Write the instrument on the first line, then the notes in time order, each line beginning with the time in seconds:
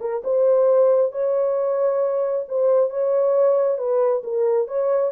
horn
0.00 A#4
0.24 C5
1.12 C#5
2.48 C5
2.90 C#5
3.78 B4
4.23 A#4
4.67 C#5